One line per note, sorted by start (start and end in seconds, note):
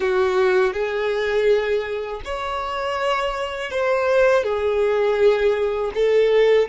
0.00 0.73 F#4
0.73 2.21 G#4
2.24 3.70 C#5
3.70 4.43 C5
4.43 5.91 G#4
5.94 6.68 A4